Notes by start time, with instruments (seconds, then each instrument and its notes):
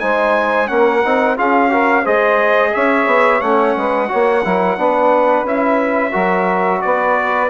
0.00 bassoon G#3, trombone D#4, saxophone C5, trumpet G#5
0.67 bassoon A#3, trombone C#4, saxophone A#4, trumpet F#5
1.05 bassoon C4, trombone D#4
1.36 bassoon C#4, trombone F4, saxophone G#4, trumpet F5
1.70 trombone F#4, saxophone A#4
2.03 bassoon G#3, trombone G#4, saxophone C5, trumpet D#5
2.74 bassoon C#4, saxophone C#5, trumpet E5
3.07 bassoon B3
3.41 bassoon A3, trombone C#4, trumpet F#5
3.76 bassoon G#3, saxophone B4
4.09 bassoon A#3, trombone F#4, saxophone C#5
4.44 bassoon F#3, trombone E4, saxophone A#4
4.77 bassoon B3, trombone D4, saxophone B4
5.44 bassoon C#4, trombone E4, trumpet E5
6.12 bassoon F#3, trombone F#4, saxophone A#4
6.82 bassoon B3, saxophone B4, trumpet D5